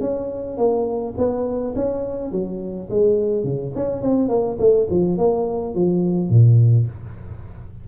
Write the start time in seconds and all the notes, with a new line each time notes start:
0.00 C#4
0.57 A#3
1.17 B3
1.75 C#4
2.31 F#3
2.90 G#3
3.43 C#3
3.75 C#4
4.02 C4
4.28 A#3
4.58 A3
4.90 F3
5.17 A#3
5.74 F3
6.29 A#2